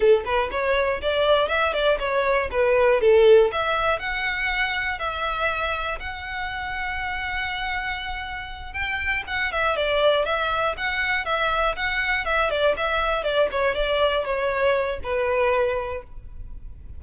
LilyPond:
\new Staff \with { instrumentName = "violin" } { \time 4/4 \tempo 4 = 120 a'8 b'8 cis''4 d''4 e''8 d''8 | cis''4 b'4 a'4 e''4 | fis''2 e''2 | fis''1~ |
fis''4. g''4 fis''8 e''8 d''8~ | d''8 e''4 fis''4 e''4 fis''8~ | fis''8 e''8 d''8 e''4 d''8 cis''8 d''8~ | d''8 cis''4. b'2 | }